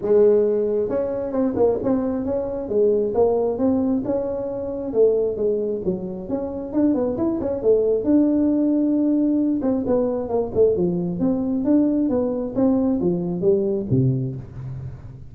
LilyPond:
\new Staff \with { instrumentName = "tuba" } { \time 4/4 \tempo 4 = 134 gis2 cis'4 c'8 ais8 | c'4 cis'4 gis4 ais4 | c'4 cis'2 a4 | gis4 fis4 cis'4 d'8 b8 |
e'8 cis'8 a4 d'2~ | d'4. c'8 b4 ais8 a8 | f4 c'4 d'4 b4 | c'4 f4 g4 c4 | }